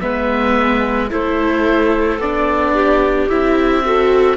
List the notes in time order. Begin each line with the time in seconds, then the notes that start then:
0.00 G#3 B3 B4 E5
1.10 A3 E4 A4 C5
2.18 B3 D4 D5
2.74 G4
3.29 C4 E4 E5
3.84 F#4 A4